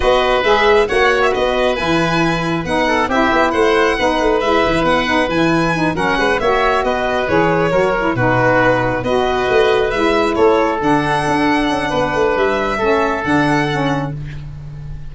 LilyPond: <<
  \new Staff \with { instrumentName = "violin" } { \time 4/4 \tempo 4 = 136 dis''4 e''4 fis''8. e''16 dis''4 | gis''2 fis''4 e''4 | fis''2 e''4 fis''4 | gis''4. fis''4 e''4 dis''8~ |
dis''8 cis''2 b'4.~ | b'8 dis''2 e''4 cis''8~ | cis''8 fis''2.~ fis''8 | e''2 fis''2 | }
  \new Staff \with { instrumentName = "oboe" } { \time 4/4 b'2 cis''4 b'4~ | b'2~ b'8 a'8 g'4 | c''4 b'2.~ | b'4. ais'8 b'8 cis''4 b'8~ |
b'4. ais'4 fis'4.~ | fis'8 b'2. a'8~ | a'2. b'4~ | b'4 a'2. | }
  \new Staff \with { instrumentName = "saxophone" } { \time 4/4 fis'4 gis'4 fis'2 | e'2 dis'4 e'4~ | e'4 dis'4 e'4. dis'8 | e'4 dis'8 cis'4 fis'4.~ |
fis'8 gis'4 fis'8 e'8 dis'4.~ | dis'8 fis'2 e'4.~ | e'8 d'2.~ d'8~ | d'4 cis'4 d'4 cis'4 | }
  \new Staff \with { instrumentName = "tuba" } { \time 4/4 b4 gis4 ais4 b4 | e2 b4 c'8 b8 | a4 b8 a8 gis8 e8 b4 | e4. fis8 gis8 ais4 b8~ |
b8 e4 fis4 b,4.~ | b,8 b4 a4 gis4 a8~ | a8 d4 d'4 cis'8 b8 a8 | g4 a4 d2 | }
>>